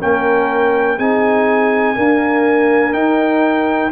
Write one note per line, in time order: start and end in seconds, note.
0.00 0.99 A#3
0.00 0.98 C#4
0.00 0.97 A#4
0.00 0.99 G5
0.97 1.97 C4
0.97 1.97 D#4
0.97 1.95 G#4
0.97 2.93 G#5
1.95 2.93 A#3
1.95 2.93 D4
1.95 3.92 A#4
2.93 3.91 D#4
2.93 3.92 D#4
2.93 3.92 G5